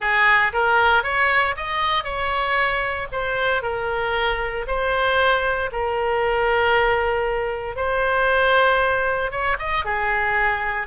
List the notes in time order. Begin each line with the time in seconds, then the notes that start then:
0.00 G#4
0.52 A#4
1.03 C#5
1.56 D#5
2.04 C#5
3.12 C5
3.62 A#4
4.67 C5
5.72 A#4
7.76 C5
9.31 C#5
9.59 D#5
9.84 G#4